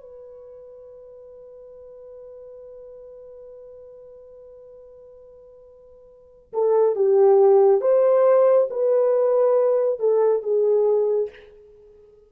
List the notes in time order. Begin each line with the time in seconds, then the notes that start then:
0.00 B4
6.53 A4
6.95 G4
7.81 C5
8.70 B4
9.99 A4
10.42 G#4